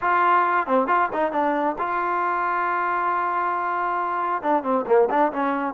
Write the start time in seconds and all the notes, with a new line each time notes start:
0.01 F4
0.66 C4
0.87 F4
1.12 D#4
1.32 D4
1.78 F4
4.42 D4
4.63 C4
4.86 A#3
5.10 D4
5.32 C#4